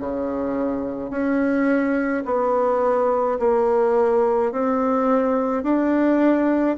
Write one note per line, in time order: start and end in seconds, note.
0.00 1.11 C#3
1.11 2.24 C#4
2.26 3.39 B3
3.40 4.52 A#3
4.52 5.63 C4
5.63 6.77 D4